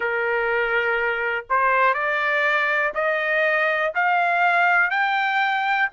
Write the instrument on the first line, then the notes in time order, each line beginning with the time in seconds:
trumpet
0.00 A#4
1.49 C5
1.94 D5
2.94 D#5
3.94 F5
4.90 G5